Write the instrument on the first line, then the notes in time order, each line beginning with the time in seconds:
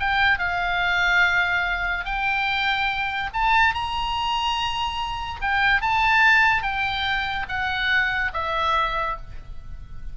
oboe
0.00 G5
0.39 F5
2.05 G5
3.34 A5
3.74 A#5
5.42 G5
5.82 A5
6.63 G5
7.49 F#5
8.34 E5